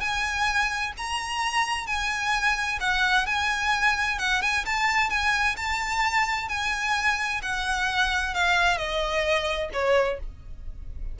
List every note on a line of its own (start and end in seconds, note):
0.00 0.92 G#5
0.97 1.87 A#5
1.87 2.79 G#5
2.80 3.26 F#5
3.26 4.19 G#5
4.19 4.42 F#5
4.42 4.65 G#5
4.65 5.09 A5
5.09 5.56 G#5
5.56 6.48 A5
6.48 7.41 G#5
7.42 8.34 F#5
8.34 8.77 F5
8.77 9.70 D#5
9.73 10.19 C#5